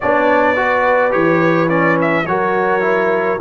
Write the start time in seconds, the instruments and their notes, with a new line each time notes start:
0.00 tuba B3, trombone D4, horn C#5, trumpet D5
0.55 trombone F#4, horn B4
1.10 tuba E3, trombone G4, trumpet C#5
1.68 trombone C#4, trumpet D5
2.01 trumpet E5
2.25 tuba F#3, trombone F#4, horn A#4, trumpet C#5
2.80 trombone E4